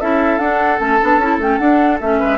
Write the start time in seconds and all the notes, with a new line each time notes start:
0.00 C#4 E4 A4 E5
0.38 D4 F#5
0.79 A3 C#4 A5
1.01 B3 D4
1.18 C#4 E4
1.38 A3 C#4 G5
1.58 D4 F#5
2.00 A3 C#4 E5
2.19 G#3 B4